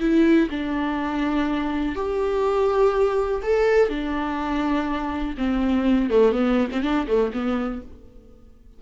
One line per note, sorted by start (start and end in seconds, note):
0.00 0.49 E4
0.51 1.96 D4
1.96 3.42 G4
3.43 3.89 A4
3.89 5.36 D4
5.38 6.10 C4
6.10 6.32 A3
6.32 6.69 B3
6.72 6.83 C4
6.83 7.07 D4
7.08 7.32 A3
7.33 7.82 B3